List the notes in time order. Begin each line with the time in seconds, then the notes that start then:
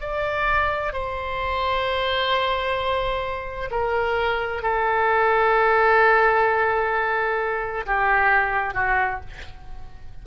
0.00 D5
0.93 C5
3.70 A#4
4.62 A4
7.86 G4
8.74 F#4